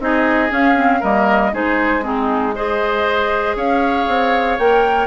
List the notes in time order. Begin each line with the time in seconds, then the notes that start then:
0.00 C4 D#4 G#4 D#5
0.50 C#4 F5
0.75 C4
1.00 G3 A#3 A#4 D#5
1.53 G#3 D#4 G#4 C5
2.03 C4 D#4 G#4
2.55 G#4 C5 D#5
3.56 C#4 C#5 F5
4.08 C4
4.59 A#3 A#4 G5